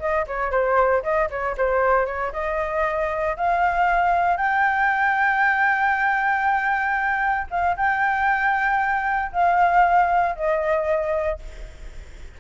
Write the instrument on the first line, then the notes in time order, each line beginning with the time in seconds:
flute
0.00 D#5
0.27 C#5
0.51 C5
1.03 D#5
1.30 C#5
1.58 C5
2.06 C#5
2.33 D#5
3.37 F5
4.37 G5
7.51 F5
7.77 G5
9.32 F5
10.36 D#5